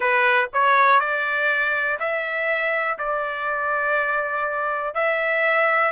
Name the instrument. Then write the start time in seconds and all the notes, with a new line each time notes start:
trumpet
0.00 B4
0.53 C#5
1.00 D5
1.99 E5
2.98 D5
4.94 E5